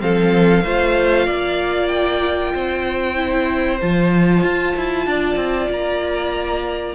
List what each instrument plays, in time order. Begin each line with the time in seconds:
0.00 cello F3, viola C4, violin A4 F5
0.64 cello A3, viola F4, violin C5
1.26 cello A#3, violin D5
1.88 violin G5
2.53 cello C4, violin C5
3.16 viola E4
3.81 cello F3, viola F4, violin A5
4.43 cello F4
4.76 cello E4
5.07 cello D4, violin D5
5.36 cello C4
5.70 cello A#3, violin A#5